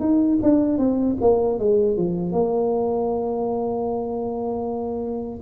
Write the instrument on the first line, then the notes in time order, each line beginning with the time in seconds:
tuba
0.00 D#4
0.42 D4
0.78 C4
1.21 A#3
1.59 G#3
1.97 F3
2.32 A#3